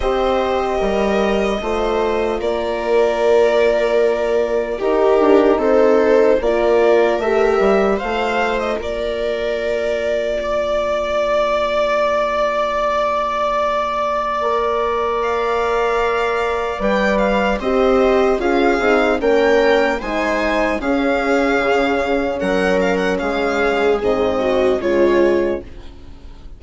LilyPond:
<<
  \new Staff \with { instrumentName = "violin" } { \time 4/4 \tempo 4 = 75 dis''2. d''4~ | d''2 ais'4 c''4 | d''4 e''4 f''8. dis''16 d''4~ | d''1~ |
d''2. f''4~ | f''4 g''8 f''8 dis''4 f''4 | g''4 gis''4 f''2 | fis''8 f''16 fis''16 f''4 dis''4 cis''4 | }
  \new Staff \with { instrumentName = "viola" } { \time 4/4 c''4 ais'4 c''4 ais'4~ | ais'2 g'4 a'4 | ais'2 c''4 ais'4~ | ais'4 d''2.~ |
d''1~ | d''2 c''4 gis'4 | ais'4 c''4 gis'2 | ais'4 gis'4. fis'8 f'4 | }
  \new Staff \with { instrumentName = "horn" } { \time 4/4 g'2 f'2~ | f'2 dis'2 | f'4 g'4 f'2~ | f'1~ |
f'2 ais'2~ | ais'4 b'4 g'4 f'8 dis'8 | cis'4 dis'4 cis'2~ | cis'2 c'4 gis4 | }
  \new Staff \with { instrumentName = "bassoon" } { \time 4/4 c'4 g4 a4 ais4~ | ais2 dis'8 d'8 c'4 | ais4 a8 g8 a4 ais4~ | ais1~ |
ais1~ | ais4 g4 c'4 cis'8 c'8 | ais4 gis4 cis'4 cis4 | fis4 gis4 gis,4 cis4 | }
>>